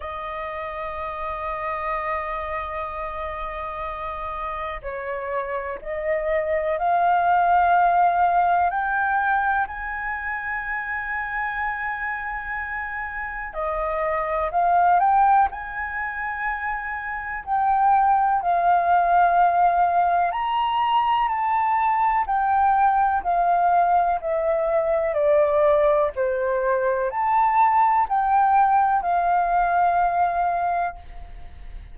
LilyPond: \new Staff \with { instrumentName = "flute" } { \time 4/4 \tempo 4 = 62 dis''1~ | dis''4 cis''4 dis''4 f''4~ | f''4 g''4 gis''2~ | gis''2 dis''4 f''8 g''8 |
gis''2 g''4 f''4~ | f''4 ais''4 a''4 g''4 | f''4 e''4 d''4 c''4 | a''4 g''4 f''2 | }